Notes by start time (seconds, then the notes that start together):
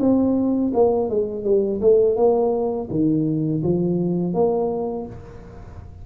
0.00 C4
0.74 A#3
1.10 G#3
1.45 G3
1.82 A3
2.17 A#3
2.91 D#3
3.63 F3
4.34 A#3